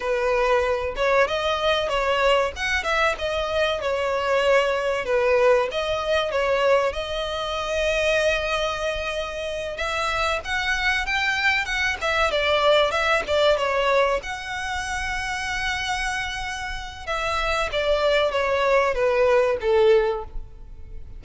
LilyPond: \new Staff \with { instrumentName = "violin" } { \time 4/4 \tempo 4 = 95 b'4. cis''8 dis''4 cis''4 | fis''8 e''8 dis''4 cis''2 | b'4 dis''4 cis''4 dis''4~ | dis''2.~ dis''8 e''8~ |
e''8 fis''4 g''4 fis''8 e''8 d''8~ | d''8 e''8 d''8 cis''4 fis''4.~ | fis''2. e''4 | d''4 cis''4 b'4 a'4 | }